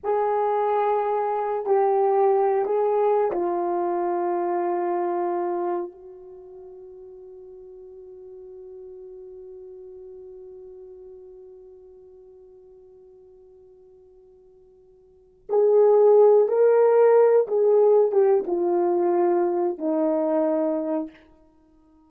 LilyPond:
\new Staff \with { instrumentName = "horn" } { \time 4/4 \tempo 4 = 91 gis'2~ gis'8 g'4. | gis'4 f'2.~ | f'4 fis'2.~ | fis'1~ |
fis'1~ | fis'2.~ fis'8 gis'8~ | gis'4 ais'4. gis'4 g'8 | f'2 dis'2 | }